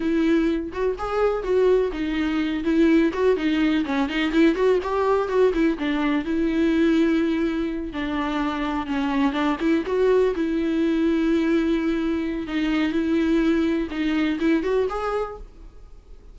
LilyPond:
\new Staff \with { instrumentName = "viola" } { \time 4/4 \tempo 4 = 125 e'4. fis'8 gis'4 fis'4 | dis'4. e'4 fis'8 dis'4 | cis'8 dis'8 e'8 fis'8 g'4 fis'8 e'8 | d'4 e'2.~ |
e'8 d'2 cis'4 d'8 | e'8 fis'4 e'2~ e'8~ | e'2 dis'4 e'4~ | e'4 dis'4 e'8 fis'8 gis'4 | }